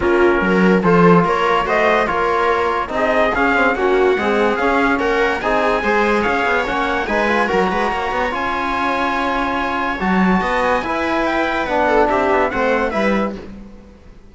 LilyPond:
<<
  \new Staff \with { instrumentName = "trumpet" } { \time 4/4 \tempo 4 = 144 ais'2 c''4 cis''4 | dis''4 cis''2 dis''4 | f''4 fis''2 f''4 | fis''4 gis''2 f''4 |
fis''4 gis''4 ais''2 | gis''1 | a''4. gis''4. g''4 | fis''4 e''4 fis''4 e''4 | }
  \new Staff \with { instrumentName = "viola" } { \time 4/4 f'4 ais'4 a'4 ais'4 | c''4 ais'2 gis'4~ | gis'4 fis'4 gis'2 | ais'4 gis'4 c''4 cis''4~ |
cis''4 b'4 ais'8 b'8 cis''4~ | cis''1~ | cis''4 dis''4 b'2~ | b'8 a'8 g'4 c''4 b'4 | }
  \new Staff \with { instrumentName = "trombone" } { \time 4/4 cis'2 f'2 | fis'4 f'2 dis'4 | cis'8 c'8 cis'4 gis4 cis'4~ | cis'4 dis'4 gis'2 |
cis'4 dis'8 f'8 fis'2 | f'1 | fis'2 e'2 | d'2 c'4 e'4 | }
  \new Staff \with { instrumentName = "cello" } { \time 4/4 ais4 fis4 f4 ais4 | a4 ais2 c'4 | cis'4 ais4 c'4 cis'4 | ais4 c'4 gis4 cis'8 b8 |
ais4 gis4 fis8 gis8 ais8 b8 | cis'1 | fis4 b4 e'2 | b4 c'8 b8 a4 g4 | }
>>